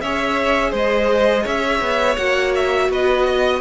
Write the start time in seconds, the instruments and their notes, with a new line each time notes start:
0.00 cello C#4, viola G#4, violin C#5 E5
0.70 cello G#3, violin C5 D#5
1.42 cello C#4, violin C#5 E5
1.80 cello B3
2.16 cello A#3, viola F#4, violin F#5
2.54 violin E5
2.88 cello B3, violin B4 D#5
3.26 violin D#5